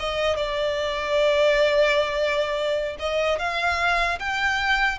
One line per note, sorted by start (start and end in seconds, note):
0.00 0.37 D#5
0.37 2.97 D5
3.00 3.39 D#5
3.39 4.19 F5
4.20 4.99 G5